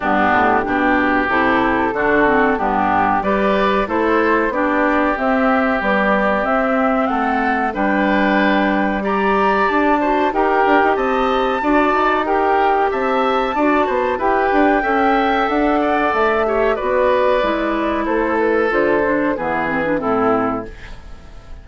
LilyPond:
<<
  \new Staff \with { instrumentName = "flute" } { \time 4/4 \tempo 4 = 93 g'2 a'2 | g'4 d''4 c''4 d''4 | e''4 d''4 e''4 fis''4 | g''2 ais''4 a''4 |
g''4 a''2 g''4 | a''2 g''2 | fis''4 e''4 d''2 | c''8 b'8 c''4 b'4 a'4 | }
  \new Staff \with { instrumentName = "oboe" } { \time 4/4 d'4 g'2 fis'4 | d'4 b'4 a'4 g'4~ | g'2. a'4 | b'2 d''4. c''8 |
ais'4 dis''4 d''4 ais'4 | e''4 d''8 c''8 b'4 e''4~ | e''8 d''4 cis''8 b'2 | a'2 gis'4 e'4 | }
  \new Staff \with { instrumentName = "clarinet" } { \time 4/4 b4 d'4 e'4 d'8 c'8 | b4 g'4 e'4 d'4 | c'4 g4 c'2 | d'2 g'4. fis'8 |
g'2 fis'4 g'4~ | g'4 fis'4 g'4 a'4~ | a'4. g'8 fis'4 e'4~ | e'4 f'8 d'8 b8 c'16 d'16 c'4 | }
  \new Staff \with { instrumentName = "bassoon" } { \time 4/4 g,8 a,8 b,4 c4 d4 | g,4 g4 a4 b4 | c'4 b4 c'4 a4 | g2. d'4 |
dis'8 d'16 dis'16 c'4 d'8 dis'4. | c'4 d'8 b8 e'8 d'8 cis'4 | d'4 a4 b4 gis4 | a4 d4 e4 a,4 | }
>>